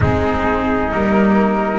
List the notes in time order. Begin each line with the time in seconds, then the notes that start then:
0.00 G#3 C4 D#4 G#4
0.91 G3 A#3 A#4